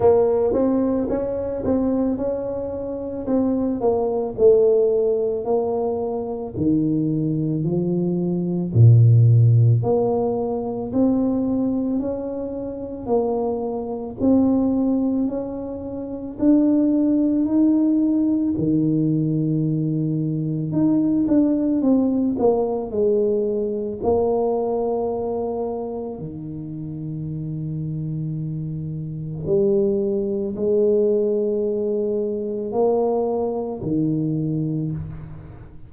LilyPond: \new Staff \with { instrumentName = "tuba" } { \time 4/4 \tempo 4 = 55 ais8 c'8 cis'8 c'8 cis'4 c'8 ais8 | a4 ais4 dis4 f4 | ais,4 ais4 c'4 cis'4 | ais4 c'4 cis'4 d'4 |
dis'4 dis2 dis'8 d'8 | c'8 ais8 gis4 ais2 | dis2. g4 | gis2 ais4 dis4 | }